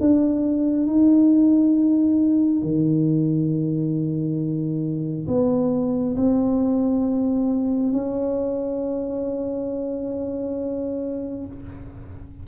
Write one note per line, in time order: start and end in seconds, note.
0.00 0.86 D4
0.86 2.62 D#4
2.62 5.27 D#3
5.27 6.15 B3
6.16 7.92 C4
7.93 11.45 C#4